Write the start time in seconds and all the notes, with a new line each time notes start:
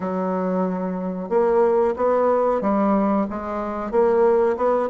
0.00 F#3
1.29 A#3
1.96 B3
2.61 G3
3.29 G#3
3.91 A#3
4.56 B3